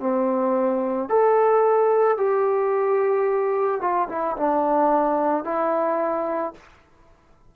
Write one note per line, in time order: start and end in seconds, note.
0.00 1.09 C4
1.09 2.18 A4
2.18 3.81 G4
3.81 4.09 F4
4.09 4.36 E4
4.37 5.44 D4
5.44 6.54 E4